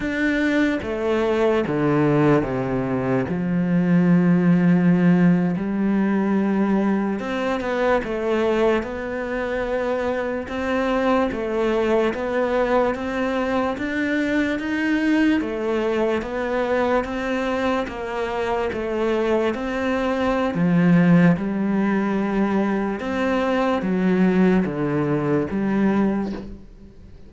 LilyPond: \new Staff \with { instrumentName = "cello" } { \time 4/4 \tempo 4 = 73 d'4 a4 d4 c4 | f2~ f8. g4~ g16~ | g8. c'8 b8 a4 b4~ b16~ | b8. c'4 a4 b4 c'16~ |
c'8. d'4 dis'4 a4 b16~ | b8. c'4 ais4 a4 c'16~ | c'4 f4 g2 | c'4 fis4 d4 g4 | }